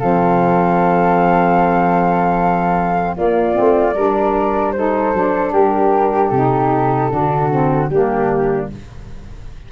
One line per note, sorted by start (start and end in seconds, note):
0.00 3.18 F3
0.00 3.17 C4
0.00 3.16 A4
0.00 3.16 F5
3.16 3.58 A#3
3.16 3.54 A#3
3.16 3.95 F4
3.16 4.73 D5
3.54 3.96 A3
3.54 3.93 C4
3.95 5.14 G3
3.95 4.75 D4
3.95 4.74 A#4
4.73 5.15 D#4
4.73 5.53 A4
4.73 5.52 C5
5.14 5.53 F#3
5.14 6.33 D4
5.53 6.31 G3
5.53 7.11 G4
5.53 6.30 A#4
6.30 7.10 C3
6.30 7.11 D#4
6.30 7.88 A4
7.11 7.90 D3
7.11 7.50 D4
7.11 7.90 F#4
7.51 7.90 C4
7.88 8.69 G3
7.88 8.71 A#3
7.88 8.72 D4
7.88 8.67 G4